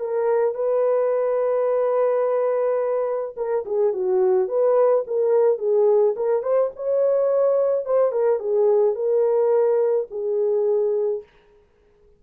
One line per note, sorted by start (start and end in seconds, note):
0.00 0.55 A#4
0.55 3.35 B4
3.37 3.65 A#4
3.66 3.93 G#4
3.93 4.48 F#4
4.48 5.04 B4
5.07 5.58 A#4
5.58 6.15 G#4
6.17 6.43 A#4
6.43 6.71 C5
6.76 7.86 C#5
7.86 8.12 C5
8.12 8.40 A#4
8.40 8.95 G#4
8.95 10.07 A#4
10.11 11.23 G#4